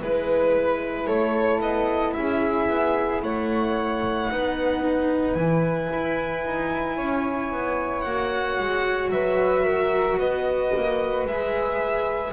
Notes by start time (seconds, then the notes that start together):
0.00 G#3 E4 B4
1.06 A3 A4 C#5
1.60 B3 D#5
2.13 C#4 G#4 E5
2.68 B3
3.22 A3 C#5 F#5
4.31 B3 D#4 B4
5.33 E3 E4 G#5
5.92 E4
6.45 D#4
6.96 C#4 C#5
7.51 B3
8.01 A#3 F#4 F#5
8.59 G#3
9.10 F#3 B4 E5
9.64 A#4
10.19 B3 B4 D#5
10.76 A#3
11.25 G#3 G#4 E5